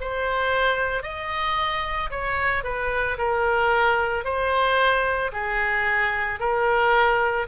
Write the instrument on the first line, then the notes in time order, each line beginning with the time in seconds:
oboe
0.00 C5
1.03 D#5
2.10 C#5
2.63 B4
3.18 A#4
4.24 C5
5.32 G#4
6.39 A#4